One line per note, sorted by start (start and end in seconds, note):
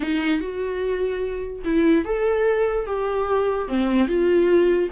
0.00 0.40 D#4
0.40 1.62 F#4
1.64 2.04 E4
2.04 2.86 A4
2.86 3.68 G4
3.68 4.07 C4
4.07 4.89 F4